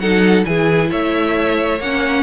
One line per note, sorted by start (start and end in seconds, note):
0.00 0.45 F#3
0.00 0.45 D#4
0.00 0.47 A4
0.00 0.45 F#5
0.45 0.92 E3
0.45 1.80 E4
0.45 0.90 G#4
0.45 0.91 G#5
0.90 1.80 A3
0.90 2.23 C#5
0.90 1.81 E5
1.80 2.23 A#3
1.80 2.23 C#4
1.80 2.23 F#5